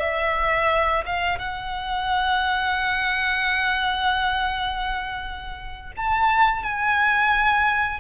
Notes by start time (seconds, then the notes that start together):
0.00 E5
1.06 F5
1.39 F#5
5.97 A5
6.63 G#5